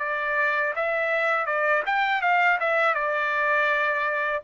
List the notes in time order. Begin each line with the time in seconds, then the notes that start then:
0.00 D5
0.76 E5
1.46 D5
1.87 G5
2.22 F5
2.61 E5
2.95 D5